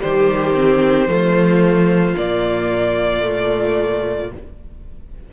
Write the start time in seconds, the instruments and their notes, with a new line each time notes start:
0.00 cello D#3, viola G3, violin G4 C5
0.54 viola C4
1.07 cello F3, viola A3, violin F4
2.16 cello A#2, viola A#3, violin D5
3.21 viola A3